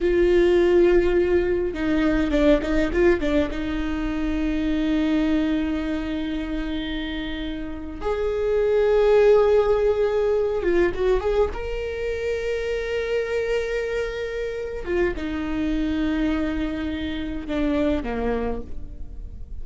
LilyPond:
\new Staff \with { instrumentName = "viola" } { \time 4/4 \tempo 4 = 103 f'2. dis'4 | d'8 dis'8 f'8 d'8 dis'2~ | dis'1~ | dis'4.~ dis'16 gis'2~ gis'16~ |
gis'2~ gis'16 f'8 fis'8 gis'8 ais'16~ | ais'1~ | ais'4. f'8 dis'2~ | dis'2 d'4 ais4 | }